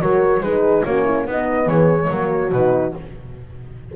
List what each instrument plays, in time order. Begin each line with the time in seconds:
0.00 double bass F#3, horn F#4 A#4, flute C#5
0.40 double bass G#3, horn D#4 G#4, flute B4
0.84 double bass A#3, horn C#4 F#4, flute C#5
1.04 horn E4
1.27 double bass B3, horn B3 D#4, flute D#5
1.66 double bass E3, horn G#4, flute C#5
2.02 horn G#3
2.09 double bass F#3, horn A#3 F#4
2.51 double bass B2, horn D#4, flute B4